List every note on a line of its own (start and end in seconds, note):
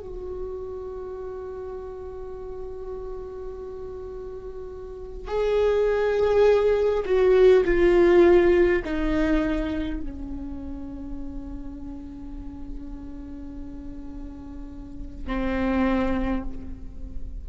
0.00 5.28 F#4
5.28 7.04 G#4
7.06 7.65 F#4
7.65 8.83 F4
8.85 10.01 D#4
10.01 15.27 C#4
15.27 16.44 C4